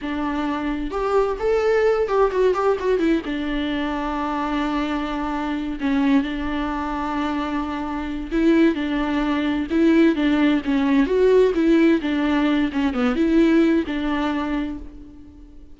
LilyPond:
\new Staff \with { instrumentName = "viola" } { \time 4/4 \tempo 4 = 130 d'2 g'4 a'4~ | a'8 g'8 fis'8 g'8 fis'8 e'8 d'4~ | d'1~ | d'8 cis'4 d'2~ d'8~ |
d'2 e'4 d'4~ | d'4 e'4 d'4 cis'4 | fis'4 e'4 d'4. cis'8 | b8 e'4. d'2 | }